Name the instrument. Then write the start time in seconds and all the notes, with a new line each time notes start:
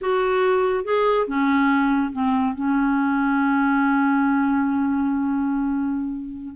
clarinet
0.01 F#4
0.84 G#4
1.27 C#4
2.12 C4
2.54 C#4